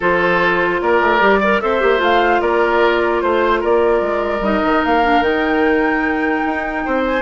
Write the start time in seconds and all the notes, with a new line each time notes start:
0.00 F3 F4 A4 C5
0.81 A#3 A#4 D5
1.01 A3
1.20 G3 G4
1.40 A#4 D5
1.60 C4 A4 C5 E5
1.81 A#3 G4
1.97 A3 F4 F5
2.40 A#3 A#4 D5
3.21 A3 C5
3.60 A#3 A#4 D5
4.01 G#3
4.40 G3 D#4 D#5
4.64 D#3
4.85 A#3 F5
5.03 D4
5.20 D#3 D#4 G5
6.45 D#4
6.85 C4 C5
7.04 G#5